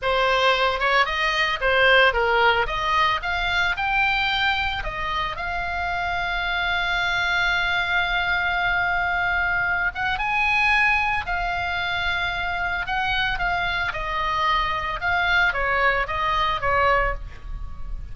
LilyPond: \new Staff \with { instrumentName = "oboe" } { \time 4/4 \tempo 4 = 112 c''4. cis''8 dis''4 c''4 | ais'4 dis''4 f''4 g''4~ | g''4 dis''4 f''2~ | f''1~ |
f''2~ f''8 fis''8 gis''4~ | gis''4 f''2. | fis''4 f''4 dis''2 | f''4 cis''4 dis''4 cis''4 | }